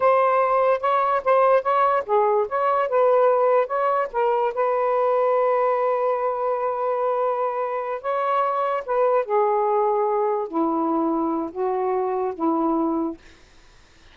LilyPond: \new Staff \with { instrumentName = "saxophone" } { \time 4/4 \tempo 4 = 146 c''2 cis''4 c''4 | cis''4 gis'4 cis''4 b'4~ | b'4 cis''4 ais'4 b'4~ | b'1~ |
b'2.~ b'8 cis''8~ | cis''4. b'4 gis'4.~ | gis'4. e'2~ e'8 | fis'2 e'2 | }